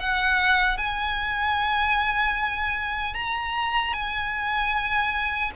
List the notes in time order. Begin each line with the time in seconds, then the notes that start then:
0.00 F#5
0.78 G#5
3.14 A#5
3.94 G#5